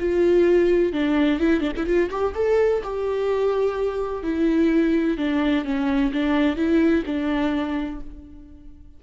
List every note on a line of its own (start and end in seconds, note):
0.00 0.93 F4
0.93 1.40 D4
1.40 1.61 E4
1.61 1.73 D4
1.77 1.87 E4
1.87 2.10 F4
2.11 2.35 G4
2.35 2.82 A4
2.84 4.23 G4
4.23 5.18 E4
5.18 5.65 D4
5.65 6.12 C#4
6.13 6.57 D4
6.57 7.04 E4
7.06 8.01 D4